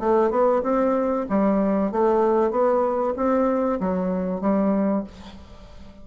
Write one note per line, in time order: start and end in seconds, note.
0.00 0.31 A3
0.31 0.62 B3
0.63 1.26 C4
1.29 1.92 G3
1.92 2.51 A3
2.51 3.14 B3
3.17 3.80 C4
3.80 4.41 F#3
4.41 5.04 G3